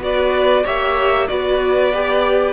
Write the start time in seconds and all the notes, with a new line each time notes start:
0.00 B3 F#4 B4 D5
0.64 A#3 G4 C#5 E5
1.27 B3 F#4 B4 D5
1.94 G4